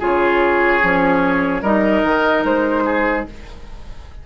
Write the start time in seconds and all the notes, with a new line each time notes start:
0.00 C#3 F4 G#4 C#5
0.82 F3 C#4
1.62 G3 D#4 A#4 D#5
2.04 D#3
2.45 G#3 C5
2.85 G#4